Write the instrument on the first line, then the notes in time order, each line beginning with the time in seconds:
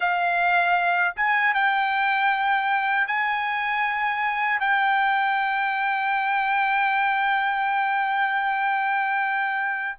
trumpet
0.00 F5
1.16 G#5
1.54 G5
3.07 G#5
4.60 G5